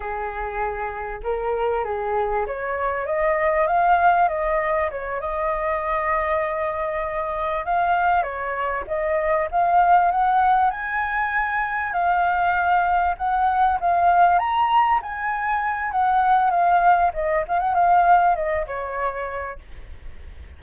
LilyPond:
\new Staff \with { instrumentName = "flute" } { \time 4/4 \tempo 4 = 98 gis'2 ais'4 gis'4 | cis''4 dis''4 f''4 dis''4 | cis''8 dis''2.~ dis''8~ | dis''8 f''4 cis''4 dis''4 f''8~ |
f''8 fis''4 gis''2 f''8~ | f''4. fis''4 f''4 ais''8~ | ais''8 gis''4. fis''4 f''4 | dis''8 f''16 fis''16 f''4 dis''8 cis''4. | }